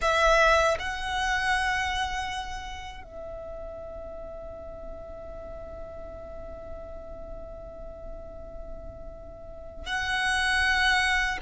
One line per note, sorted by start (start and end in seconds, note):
0.01 0.77 E5
0.79 3.03 F#5
3.03 9.86 E5
9.86 11.38 F#5